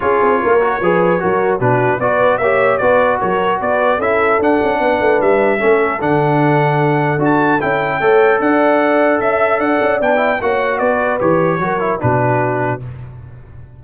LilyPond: <<
  \new Staff \with { instrumentName = "trumpet" } { \time 4/4 \tempo 4 = 150 cis''1 | b'4 d''4 e''4 d''4 | cis''4 d''4 e''4 fis''4~ | fis''4 e''2 fis''4~ |
fis''2 a''4 g''4~ | g''4 fis''2 e''4 | fis''4 g''4 fis''4 d''4 | cis''2 b'2 | }
  \new Staff \with { instrumentName = "horn" } { \time 4/4 gis'4 ais'4 b'4 ais'4 | fis'4 b'4 cis''4 b'4 | ais'4 b'4 a'2 | b'2 a'2~ |
a'1 | cis''4 d''2 e''4 | d''2 cis''4 b'4~ | b'4 ais'4 fis'2 | }
  \new Staff \with { instrumentName = "trombone" } { \time 4/4 f'4. fis'8 gis'4 fis'4 | d'4 fis'4 g'4 fis'4~ | fis'2 e'4 d'4~ | d'2 cis'4 d'4~ |
d'2 fis'4 e'4 | a'1~ | a'4 d'8 e'8 fis'2 | g'4 fis'8 e'8 d'2 | }
  \new Staff \with { instrumentName = "tuba" } { \time 4/4 cis'8 c'8 ais4 f4 fis4 | b,4 b4 ais4 b4 | fis4 b4 cis'4 d'8 cis'8 | b8 a8 g4 a4 d4~ |
d2 d'4 cis'4 | a4 d'2 cis'4 | d'8 cis'8 b4 ais4 b4 | e4 fis4 b,2 | }
>>